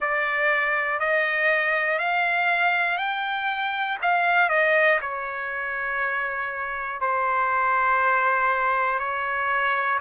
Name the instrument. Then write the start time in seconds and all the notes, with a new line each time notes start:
trumpet
0.00 D5
1.00 D#5
1.98 F5
2.97 G5
4.02 F5
4.49 D#5
5.01 C#5
7.00 C5
8.99 C#5